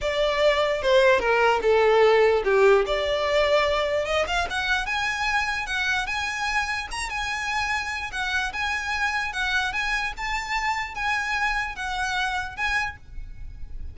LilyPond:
\new Staff \with { instrumentName = "violin" } { \time 4/4 \tempo 4 = 148 d''2 c''4 ais'4 | a'2 g'4 d''4~ | d''2 dis''8 f''8 fis''4 | gis''2 fis''4 gis''4~ |
gis''4 ais''8 gis''2~ gis''8 | fis''4 gis''2 fis''4 | gis''4 a''2 gis''4~ | gis''4 fis''2 gis''4 | }